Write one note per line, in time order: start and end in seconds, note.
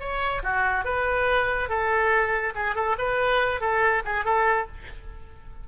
0.00 0.42 C#5
0.43 0.85 F#4
0.85 1.69 B4
1.69 2.54 A4
2.55 2.75 G#4
2.75 2.97 A4
2.98 3.61 B4
3.61 4.03 A4
4.05 4.25 G#4
4.25 4.67 A4